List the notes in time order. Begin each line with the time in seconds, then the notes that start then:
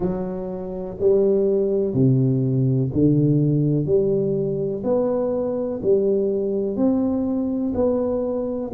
0.00 F#3
1.00 G3
1.94 C3
2.93 D3
3.85 G3
4.83 B3
5.82 G3
6.76 C4
7.74 B3